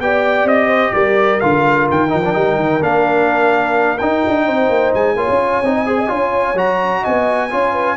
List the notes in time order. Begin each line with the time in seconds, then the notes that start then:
0.00 B3 G4 D5 G5
0.45 C4 D#5
0.68 C5
0.94 G3 A#4 D5
1.41 D3 F4 F5
1.91 D#3 G5
2.09 F3 D#4
2.25 D4
2.34 G3 D#4
2.56 D#3
2.81 A#3 D4 F5
3.99 D#4 G5
4.28 D4
4.46 C4 C5
4.70 A#3
4.94 G#3 G#5
5.16 A#3 F4 C#5
5.30 C#4
5.62 C4 D#4
5.75 D#5
5.86 G#4 C5
5.99 D#5
6.08 C#4 F4 C#5
6.54 F#3 F#4 A#5
7.02 B3 D#5 G#5
7.51 C#4 F4 C#5
7.73 B4